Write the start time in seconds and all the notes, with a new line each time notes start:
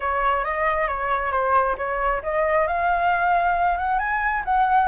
0.00 C#5
0.44 D#5
0.87 C#5
1.31 C5
1.77 C#5
2.23 D#5
2.67 F5
3.77 F#5
3.99 G#5
4.44 F#5